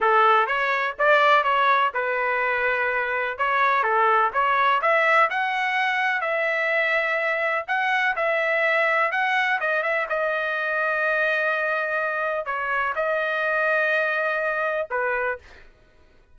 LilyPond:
\new Staff \with { instrumentName = "trumpet" } { \time 4/4 \tempo 4 = 125 a'4 cis''4 d''4 cis''4 | b'2. cis''4 | a'4 cis''4 e''4 fis''4~ | fis''4 e''2. |
fis''4 e''2 fis''4 | dis''8 e''8 dis''2.~ | dis''2 cis''4 dis''4~ | dis''2. b'4 | }